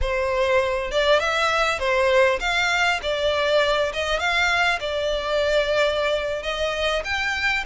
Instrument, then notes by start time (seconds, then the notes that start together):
violin
0.01 C5
0.91 D5
1.19 E5
1.79 C5
2.40 F5
3.02 D5
3.93 D#5
4.19 F5
4.80 D5
6.42 D#5
7.04 G5